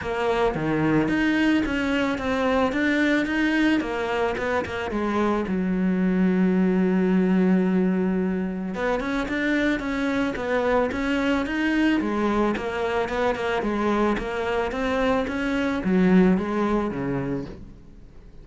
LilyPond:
\new Staff \with { instrumentName = "cello" } { \time 4/4 \tempo 4 = 110 ais4 dis4 dis'4 cis'4 | c'4 d'4 dis'4 ais4 | b8 ais8 gis4 fis2~ | fis1 |
b8 cis'8 d'4 cis'4 b4 | cis'4 dis'4 gis4 ais4 | b8 ais8 gis4 ais4 c'4 | cis'4 fis4 gis4 cis4 | }